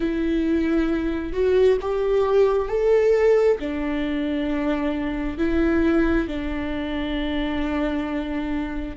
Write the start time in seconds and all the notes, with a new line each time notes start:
0.00 E4
1.32 F#4
1.81 G4
2.68 A4
3.59 D4
5.37 E4
6.27 D4